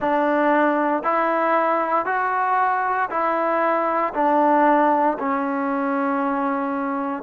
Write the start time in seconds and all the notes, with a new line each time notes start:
0.00 D4
1.03 E4
2.05 F#4
3.09 E4
4.14 D4
5.19 C#4